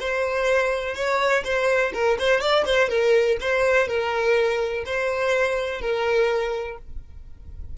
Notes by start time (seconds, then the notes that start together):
0.00 C5
0.95 C#5
1.44 C5
1.94 A#4
2.19 C5
2.41 D5
2.65 C5
2.89 A#4
3.41 C5
3.88 A#4
4.86 C5
5.81 A#4